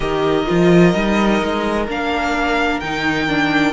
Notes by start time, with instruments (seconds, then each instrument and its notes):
0.00 cello D#3, viola G4, violin A#4 D#5
0.46 cello F3, viola F4
0.92 cello G3, viola D#4
1.42 cello G#3
1.88 cello A#3, viola D4, violin F5
2.80 cello D#3, viola D#4, violin G5
3.28 viola D4